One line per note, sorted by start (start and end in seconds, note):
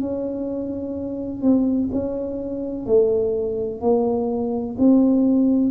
0.00 1.42 C#4
1.42 1.89 C4
1.92 2.86 C#4
2.86 3.81 A3
3.81 4.76 A#3
4.78 5.71 C4